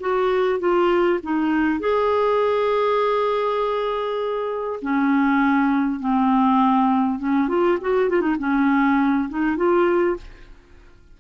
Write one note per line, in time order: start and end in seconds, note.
0.00 0.59 F#4
0.59 1.19 F4
1.23 1.80 D#4
1.80 4.80 G#4
4.82 6.00 C#4
6.00 7.19 C4
7.19 7.48 C#4
7.48 7.78 F4
7.81 8.09 F#4
8.09 8.21 F4
8.21 8.36 D#4
8.39 9.29 C#4
9.29 9.57 D#4
9.57 10.17 F4